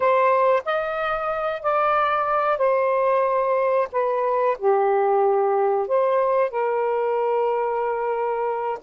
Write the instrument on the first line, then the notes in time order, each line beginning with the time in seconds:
saxophone
0.00 C5
0.65 D#5
1.62 D5
2.57 C5
3.92 B4
4.58 G4
5.87 C5
6.50 A#4